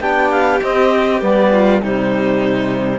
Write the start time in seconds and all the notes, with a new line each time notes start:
0.00 B3 D4 G4 G5
0.30 F5
0.62 C4 D#5
1.21 G3 B3 D5
1.52 F4
1.82 C3 G3 D#4 C5